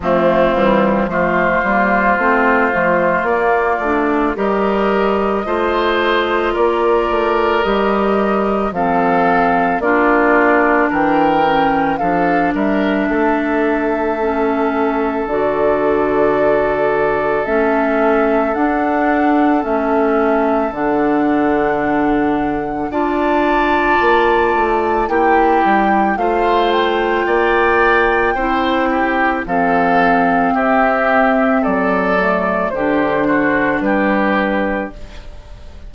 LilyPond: <<
  \new Staff \with { instrumentName = "flute" } { \time 4/4 \tempo 4 = 55 f'4 c''2 d''4 | dis''2 d''4 dis''4 | f''4 d''4 g''4 f''8 e''8~ | e''2 d''2 |
e''4 fis''4 e''4 fis''4~ | fis''4 a''2 g''4 | f''8 g''2~ g''8 f''4 | e''4 d''4 c''4 b'4 | }
  \new Staff \with { instrumentName = "oboe" } { \time 4/4 c'4 f'2. | ais'4 c''4 ais'2 | a'4 f'4 ais'4 a'8 ais'8 | a'1~ |
a'1~ | a'4 d''2 g'4 | c''4 d''4 c''8 g'8 a'4 | g'4 a'4 g'8 fis'8 g'4 | }
  \new Staff \with { instrumentName = "clarinet" } { \time 4/4 a8 g8 a8 ais8 c'8 a8 ais8 d'8 | g'4 f'2 g'4 | c'4 d'4. cis'8 d'4~ | d'4 cis'4 fis'2 |
cis'4 d'4 cis'4 d'4~ | d'4 f'2 e'4 | f'2 e'4 c'4~ | c'4. a8 d'2 | }
  \new Staff \with { instrumentName = "bassoon" } { \time 4/4 f8 e8 f8 g8 a8 f8 ais8 a8 | g4 a4 ais8 a8 g4 | f4 ais4 e4 f8 g8 | a2 d2 |
a4 d'4 a4 d4~ | d4 d'4 ais8 a8 ais8 g8 | a4 ais4 c'4 f4 | c'4 fis4 d4 g4 | }
>>